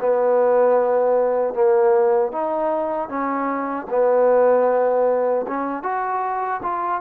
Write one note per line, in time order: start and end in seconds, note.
0.00 1.54 B3
1.54 2.32 A#3
2.32 3.09 D#4
3.09 3.86 C#4
3.90 5.45 B3
5.47 5.83 C#4
5.83 6.61 F#4
6.63 7.01 F4